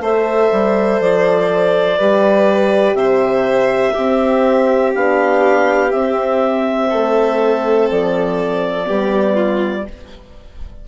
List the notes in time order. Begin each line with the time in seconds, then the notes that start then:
0.00 A3 A4 C5 E5
0.52 G3
1.00 F3 D5
1.97 G3 G4 B4
2.94 C3 C5 E5
3.92 C4 G4
4.94 B3 D4 F5
5.91 C4 E5
6.89 A3 A4
7.91 F3 D5
8.84 G3 B3 G4
9.35 F4